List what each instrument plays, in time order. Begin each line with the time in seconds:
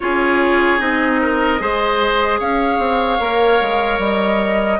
0.00 bassoon C#4, clarinet F4, oboe G#4, flute C#5
0.79 bassoon C4, clarinet D#4, flute D#5
1.21 oboe A#4
1.59 bassoon G#3, clarinet G#4, oboe C5
2.39 bassoon C#4, oboe C#5, flute F5
2.79 bassoon C4
3.19 bassoon A#3, clarinet A#4
3.61 bassoon G#3
3.98 bassoon G3, flute D#5